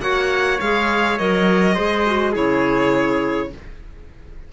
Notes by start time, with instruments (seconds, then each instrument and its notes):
0.00 cello A#3, clarinet F#4, trumpet C#5, violin F#5
0.61 cello G#3, clarinet G#4, violin F5
1.19 cello F#3, clarinet A#4, violin D#5
1.75 cello G#3, clarinet G#4, trumpet C5
2.06 clarinet F#4
2.32 cello C#3, clarinet E4, trumpet G#4, violin C#5